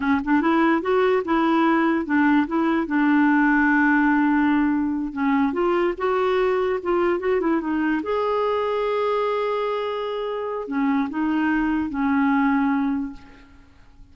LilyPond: \new Staff \with { instrumentName = "clarinet" } { \time 4/4 \tempo 4 = 146 cis'8 d'8 e'4 fis'4 e'4~ | e'4 d'4 e'4 d'4~ | d'1~ | d'8 cis'4 f'4 fis'4.~ |
fis'8 f'4 fis'8 e'8 dis'4 gis'8~ | gis'1~ | gis'2 cis'4 dis'4~ | dis'4 cis'2. | }